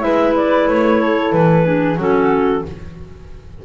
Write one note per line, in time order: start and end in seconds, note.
0.00 0.68 G#3
0.00 1.63 E4
0.00 1.01 B4
0.00 0.33 E5
0.36 0.69 D5
0.68 1.33 A3
0.68 1.33 C#5
1.01 1.66 A4
1.33 1.97 E3
1.33 1.98 B4
1.64 1.97 D4
1.64 1.99 G#4
1.97 2.62 F#3
1.97 2.64 C#4
1.97 2.64 F#4
1.97 2.65 A4